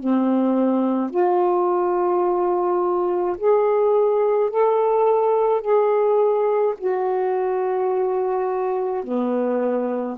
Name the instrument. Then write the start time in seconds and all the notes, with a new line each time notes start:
saxophone
0.00 C4
1.11 F4
3.38 G#4
4.51 A4
5.61 G#4
6.78 F#4
9.04 B3